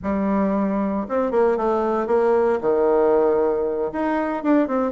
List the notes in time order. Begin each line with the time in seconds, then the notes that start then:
0.02 G3
1.08 C4
1.31 A#3
1.57 A3
2.07 A#3
2.61 D#3
3.92 D#4
4.43 D4
4.67 C4